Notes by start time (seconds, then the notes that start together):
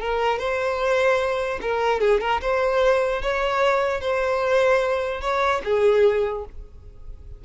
0.00 A#4
0.39 C5
1.62 A#4
2.01 G#4
2.21 A#4
2.42 C5
3.22 C#5
4.01 C5
5.21 C#5
5.64 G#4